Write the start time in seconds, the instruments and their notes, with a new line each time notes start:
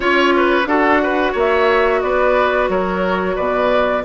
0.00 bassoon C#4, clarinet F4, oboe C#5, flute C#5
0.36 oboe B4
0.65 bassoon D4, clarinet F#4, oboe A4, flute F#5
1.03 oboe B4
1.32 bassoon A#3, oboe C#5
1.38 flute E5
2.01 bassoon B3, oboe B4, flute D5
2.68 bassoon F#3, oboe A#4, flute C#5
3.35 bassoon B2, oboe B4, flute D5